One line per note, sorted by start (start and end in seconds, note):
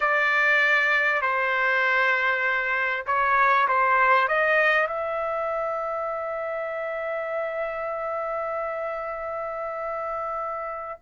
0.00 1.21 D5
1.21 3.05 C5
3.06 3.67 C#5
3.67 4.28 C5
4.28 4.87 D#5
4.87 10.99 E5